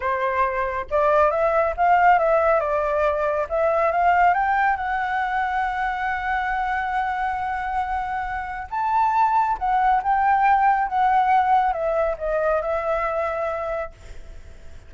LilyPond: \new Staff \with { instrumentName = "flute" } { \time 4/4 \tempo 4 = 138 c''2 d''4 e''4 | f''4 e''4 d''2 | e''4 f''4 g''4 fis''4~ | fis''1~ |
fis''1 | a''2 fis''4 g''4~ | g''4 fis''2 e''4 | dis''4 e''2. | }